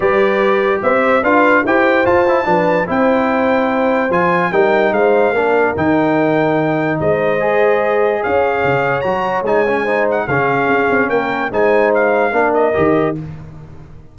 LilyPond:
<<
  \new Staff \with { instrumentName = "trumpet" } { \time 4/4 \tempo 4 = 146 d''2 e''4 f''4 | g''4 a''2 g''4~ | g''2 gis''4 g''4 | f''2 g''2~ |
g''4 dis''2. | f''2 ais''4 gis''4~ | gis''8 fis''8 f''2 g''4 | gis''4 f''4. dis''4. | }
  \new Staff \with { instrumentName = "horn" } { \time 4/4 b'2 c''4 b'4 | c''2 b'4 c''4~ | c''2. ais'4 | c''4 ais'2.~ |
ais'4 c''2. | cis''1 | c''4 gis'2 ais'4 | c''2 ais'2 | }
  \new Staff \with { instrumentName = "trombone" } { \time 4/4 g'2. f'4 | g'4 f'8 e'8 d'4 e'4~ | e'2 f'4 dis'4~ | dis'4 d'4 dis'2~ |
dis'2 gis'2~ | gis'2 fis'4 dis'8 cis'8 | dis'4 cis'2. | dis'2 d'4 g'4 | }
  \new Staff \with { instrumentName = "tuba" } { \time 4/4 g2 c'4 d'4 | e'4 f'4 f4 c'4~ | c'2 f4 g4 | gis4 ais4 dis2~ |
dis4 gis2. | cis'4 cis4 fis4 gis4~ | gis4 cis4 cis'8 c'8 ais4 | gis2 ais4 dis4 | }
>>